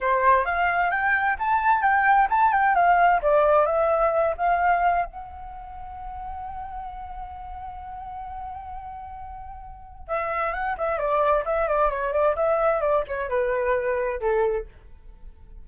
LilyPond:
\new Staff \with { instrumentName = "flute" } { \time 4/4 \tempo 4 = 131 c''4 f''4 g''4 a''4 | g''4 a''8 g''8 f''4 d''4 | e''4. f''4. fis''4~ | fis''1~ |
fis''1~ | fis''2 e''4 fis''8 e''8 | d''4 e''8 d''8 cis''8 d''8 e''4 | d''8 cis''8 b'2 a'4 | }